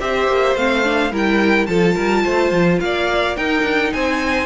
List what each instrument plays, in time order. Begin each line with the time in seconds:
0.00 cello C4, viola G4, violin C5 E5
0.28 cello A#3
0.56 cello A3, viola C4, violin F5
0.84 viola D4
1.11 cello G3, viola E4, violin A#4 G5
1.67 cello F3, viola F4, violin A4 A5
1.95 cello G3, violin A#4
2.24 cello A3, violin C5
2.52 cello F3
2.81 cello A#3, violin D5 F5
3.37 viola D#4, cello D#4, violin A#4 G5
3.62 cello D4
3.93 cello C4, violin C5 G#5